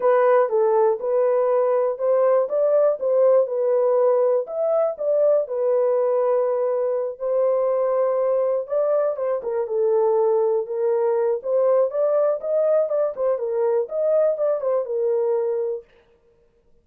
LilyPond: \new Staff \with { instrumentName = "horn" } { \time 4/4 \tempo 4 = 121 b'4 a'4 b'2 | c''4 d''4 c''4 b'4~ | b'4 e''4 d''4 b'4~ | b'2~ b'8 c''4.~ |
c''4. d''4 c''8 ais'8 a'8~ | a'4. ais'4. c''4 | d''4 dis''4 d''8 c''8 ais'4 | dis''4 d''8 c''8 ais'2 | }